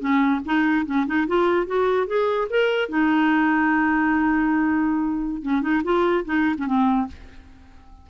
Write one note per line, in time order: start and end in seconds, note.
0.00 0.41 C#4
0.45 0.86 D#4
0.86 1.06 C#4
1.07 1.27 D#4
1.28 1.67 F4
1.67 2.07 F#4
2.07 2.48 G#4
2.50 2.89 A#4
2.89 5.42 D#4
5.42 5.62 C#4
5.62 5.82 D#4
5.84 6.25 F4
6.25 6.56 D#4
6.58 6.67 C#4
6.67 7.08 C4